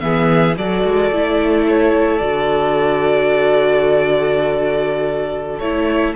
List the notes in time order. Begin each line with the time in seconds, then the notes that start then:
0.00 E3 B3 G#4 E5
0.57 F#3 F#4 A4 D5
0.84 G#3
1.11 A3 E4
1.68 C#5
2.18 D3 F#4 D5
5.59 A3 E4 C#5